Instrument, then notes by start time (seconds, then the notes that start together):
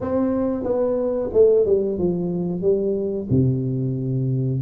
tuba
0.01 C4
0.63 B3
1.33 A3
1.65 G3
1.98 F3
2.61 G3
3.30 C3